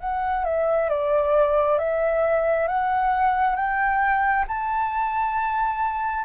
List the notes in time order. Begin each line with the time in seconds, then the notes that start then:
0.00 F#5
0.44 E5
0.89 D5
1.78 E5
2.67 F#5
3.55 G5
4.47 A5